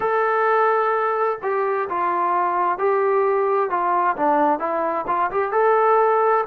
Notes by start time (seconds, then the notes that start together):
0.00 A4
1.42 G4
1.89 F4
2.78 G4
3.69 F4
4.16 D4
4.59 E4
5.07 F4
5.30 G4
5.52 A4